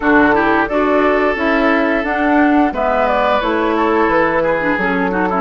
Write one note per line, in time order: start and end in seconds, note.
0.00 0.68 D3
0.00 0.32 D4
0.00 0.34 F#4
0.00 0.66 A4
0.32 0.66 E4
0.32 0.68 G4
0.67 1.35 D4
0.67 1.36 F#4
0.67 2.73 A4
0.67 1.36 D5
1.35 2.03 C#4
1.35 2.04 E4
1.35 2.04 E5
2.03 2.71 D4
2.03 2.72 D4
2.03 2.72 F#5
2.71 3.40 G#3
2.71 3.40 B3
2.71 3.76 B4
2.71 3.07 E5
3.07 3.41 D5
3.41 4.07 A3
3.41 4.60 E4
3.41 4.09 C#5
3.76 4.42 A4
4.07 4.75 E3
4.07 4.78 B4
4.42 5.11 G#4
4.60 4.77 D4
4.77 5.41 F#3
4.77 5.11 C#4
4.77 5.41 A4
5.11 5.28 D#4
5.11 5.28 F#4
5.29 5.41 C#4
5.29 5.41 E4